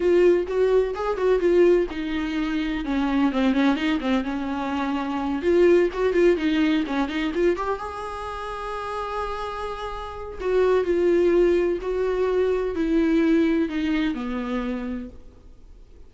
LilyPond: \new Staff \with { instrumentName = "viola" } { \time 4/4 \tempo 4 = 127 f'4 fis'4 gis'8 fis'8 f'4 | dis'2 cis'4 c'8 cis'8 | dis'8 c'8 cis'2~ cis'8 f'8~ | f'8 fis'8 f'8 dis'4 cis'8 dis'8 f'8 |
g'8 gis'2.~ gis'8~ | gis'2 fis'4 f'4~ | f'4 fis'2 e'4~ | e'4 dis'4 b2 | }